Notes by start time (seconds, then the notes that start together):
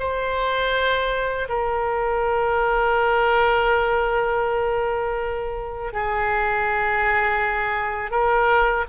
0.00 C5
1.49 A#4
5.93 G#4
8.11 A#4